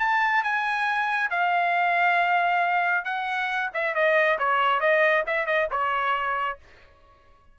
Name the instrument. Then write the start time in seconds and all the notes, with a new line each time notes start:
trumpet
0.00 A5
0.44 G#5
1.31 F5
3.05 F#5
3.74 E5
3.95 D#5
4.39 C#5
4.81 D#5
5.27 E5
5.47 D#5
5.72 C#5